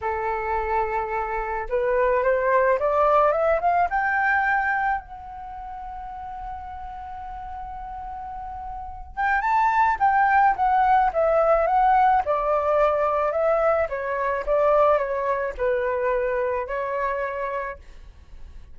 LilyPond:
\new Staff \with { instrumentName = "flute" } { \time 4/4 \tempo 4 = 108 a'2. b'4 | c''4 d''4 e''8 f''8 g''4~ | g''4 fis''2.~ | fis''1~ |
fis''8 g''8 a''4 g''4 fis''4 | e''4 fis''4 d''2 | e''4 cis''4 d''4 cis''4 | b'2 cis''2 | }